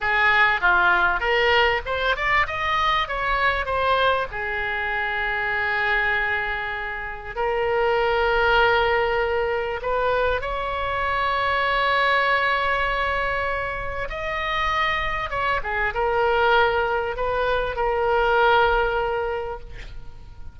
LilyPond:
\new Staff \with { instrumentName = "oboe" } { \time 4/4 \tempo 4 = 98 gis'4 f'4 ais'4 c''8 d''8 | dis''4 cis''4 c''4 gis'4~ | gis'1 | ais'1 |
b'4 cis''2.~ | cis''2. dis''4~ | dis''4 cis''8 gis'8 ais'2 | b'4 ais'2. | }